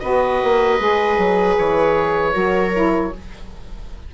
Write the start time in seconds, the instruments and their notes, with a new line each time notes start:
0.00 bassoon B3, saxophone F#4, viola B4, oboe D#5
0.44 bassoon A#3
0.80 bassoon G#3, saxophone G#4
1.18 bassoon F#3
1.58 bassoon E3, oboe C#5
2.32 bassoon F#3, saxophone F#4, viola A#4
2.74 saxophone E4